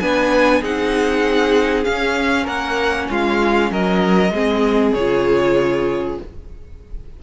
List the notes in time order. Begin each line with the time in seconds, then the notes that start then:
0.00 B3 D4 B4 G#5
0.61 C4 D#4 G#4 F#5
1.84 C#4 F5
2.44 A#3 A#4 F#5
3.10 G#3 F4 F5
3.71 F#3 A#4 D#5
4.31 G#3 C4 G#4
4.93 C#3 C#5
4.99 F4